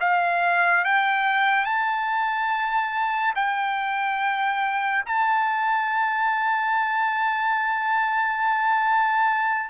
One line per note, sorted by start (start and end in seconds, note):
0.00 0.85 F5
0.85 1.65 G5
1.65 3.34 A5
3.35 5.04 G5
5.06 9.70 A5